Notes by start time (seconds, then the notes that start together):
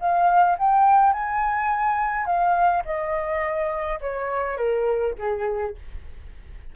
0.00 F5
0.58 G5
1.13 G#5
2.26 F5
2.85 D#5
4.01 C#5
4.57 A#4
5.18 G#4